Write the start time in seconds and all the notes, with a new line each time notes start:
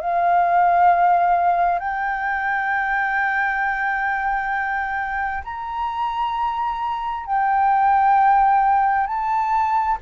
0.00 F5
1.79 G5
5.44 A#5
7.26 G5
9.07 A5